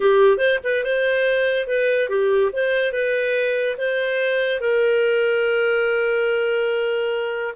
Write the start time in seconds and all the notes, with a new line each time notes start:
0.00 G4
0.37 C5
0.63 B4
0.84 C5
1.67 B4
2.09 G4
2.52 C5
2.92 B4
3.77 C5
4.60 A#4